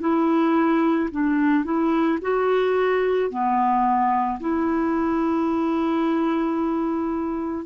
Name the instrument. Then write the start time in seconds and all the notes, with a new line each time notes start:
clarinet
0.00 E4
1.12 D4
1.65 E4
2.22 F#4
3.30 B3
4.40 E4